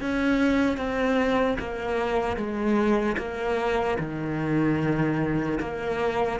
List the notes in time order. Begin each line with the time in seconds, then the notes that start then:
0.00 C#4
0.77 C4
1.59 A#3
2.36 G#3
3.17 A#3
3.99 D#3
5.60 A#3